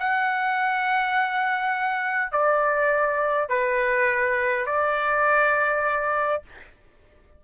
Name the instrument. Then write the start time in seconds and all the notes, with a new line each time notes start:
trumpet
0.00 F#5
2.32 D5
3.49 B4
4.66 D5